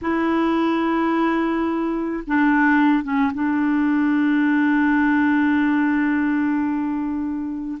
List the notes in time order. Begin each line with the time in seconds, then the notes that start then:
0.01 E4
2.26 D4
3.03 C#4
3.34 D4